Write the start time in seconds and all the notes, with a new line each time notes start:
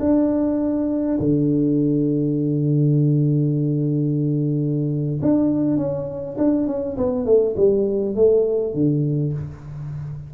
0.00 D4
1.19 D3
5.22 D4
5.77 C#4
6.38 D4
6.67 C#4
6.97 B3
7.25 A3
7.56 G3
8.15 A3
8.74 D3